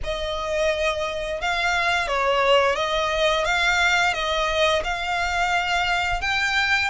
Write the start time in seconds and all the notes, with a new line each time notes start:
0.03 D#5
1.41 F5
2.07 C#5
2.75 D#5
3.44 F5
4.13 D#5
4.83 F5
6.21 G5